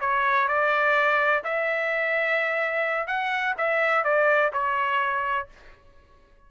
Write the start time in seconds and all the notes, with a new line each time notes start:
0.00 C#5
0.48 D5
1.44 E5
3.07 F#5
3.57 E5
4.04 D5
4.53 C#5